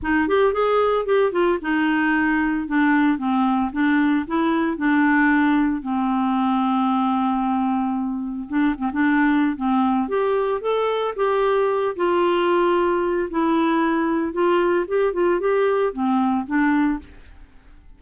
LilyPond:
\new Staff \with { instrumentName = "clarinet" } { \time 4/4 \tempo 4 = 113 dis'8 g'8 gis'4 g'8 f'8 dis'4~ | dis'4 d'4 c'4 d'4 | e'4 d'2 c'4~ | c'1 |
d'8 c'16 d'4~ d'16 c'4 g'4 | a'4 g'4. f'4.~ | f'4 e'2 f'4 | g'8 f'8 g'4 c'4 d'4 | }